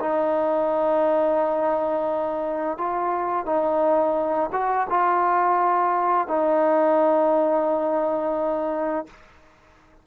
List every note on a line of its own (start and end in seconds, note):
0.00 2.77 D#4
2.77 3.45 F4
3.45 4.50 D#4
4.52 4.87 F#4
4.89 6.27 F4
6.27 9.06 D#4